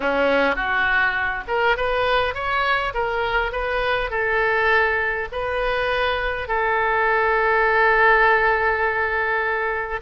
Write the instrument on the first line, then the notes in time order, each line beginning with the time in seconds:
oboe
0.00 C#4
0.55 F#4
1.47 A#4
1.76 B4
2.34 C#5
2.94 A#4
3.51 B4
4.10 A4
5.32 B4
6.48 A4